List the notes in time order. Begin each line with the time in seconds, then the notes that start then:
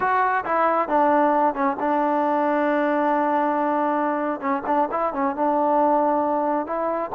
0.00 F#4
0.44 E4
0.88 D4
1.54 C#4
1.79 D4
4.40 C#4
4.66 D4
4.91 E4
5.13 C#4
5.35 D4
6.66 E4